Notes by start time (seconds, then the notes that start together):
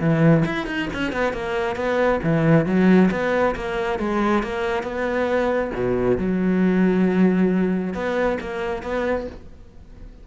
0.00 E3
0.45 E4
0.66 D#4
0.93 C#4
1.12 B3
1.33 A#3
1.76 B3
2.23 E3
2.66 F#3
3.11 B3
3.55 A#3
3.99 G#3
4.43 A#3
4.83 B3
5.74 B2
6.18 F#3
7.93 B3
8.40 A#3
8.82 B3